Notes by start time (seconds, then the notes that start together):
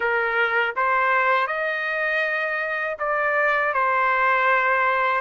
0.00 A#4
0.76 C5
1.47 D#5
2.98 D5
3.73 C5